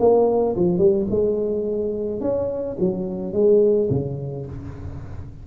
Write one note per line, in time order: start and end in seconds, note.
0.00 0.56 A#3
0.57 0.79 F3
0.79 1.07 G3
1.11 2.21 G#3
2.21 2.77 C#4
2.80 3.34 F#3
3.34 3.90 G#3
3.90 4.46 C#3